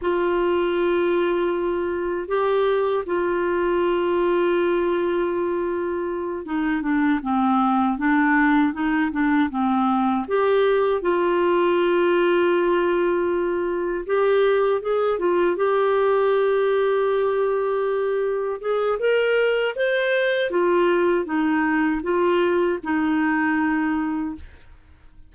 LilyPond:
\new Staff \with { instrumentName = "clarinet" } { \time 4/4 \tempo 4 = 79 f'2. g'4 | f'1~ | f'8 dis'8 d'8 c'4 d'4 dis'8 | d'8 c'4 g'4 f'4.~ |
f'2~ f'8 g'4 gis'8 | f'8 g'2.~ g'8~ | g'8 gis'8 ais'4 c''4 f'4 | dis'4 f'4 dis'2 | }